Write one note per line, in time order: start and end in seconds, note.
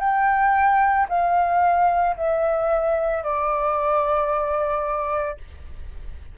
0.00 1.07 G5
1.09 2.16 F5
2.17 3.23 E5
3.23 5.38 D5